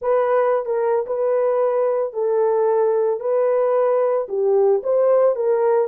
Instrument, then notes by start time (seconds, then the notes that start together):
horn
0.01 B4
0.65 A#4
1.06 B4
2.13 A4
3.20 B4
4.28 G4
4.83 C5
5.35 A#4